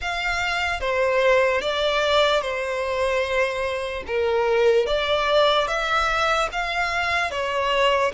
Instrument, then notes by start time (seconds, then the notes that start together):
violin
0.01 F5
0.80 C5
1.61 D5
2.41 C5
4.07 A#4
4.86 D5
5.68 E5
6.52 F5
7.30 C#5